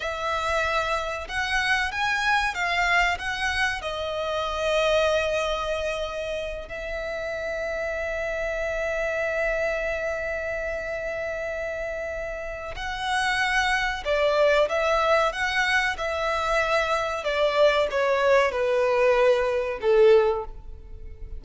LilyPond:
\new Staff \with { instrumentName = "violin" } { \time 4/4 \tempo 4 = 94 e''2 fis''4 gis''4 | f''4 fis''4 dis''2~ | dis''2~ dis''8 e''4.~ | e''1~ |
e''1 | fis''2 d''4 e''4 | fis''4 e''2 d''4 | cis''4 b'2 a'4 | }